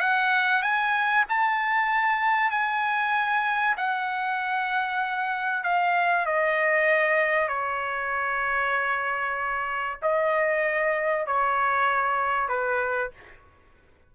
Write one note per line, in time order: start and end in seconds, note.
0.00 0.62 F#5
0.62 1.24 G#5
1.29 2.51 A5
2.51 3.76 G#5
3.77 5.63 F#5
5.63 6.26 F5
6.26 7.48 D#5
7.48 9.98 C#5
10.02 11.26 D#5
11.26 12.48 C#5
12.48 13.11 B4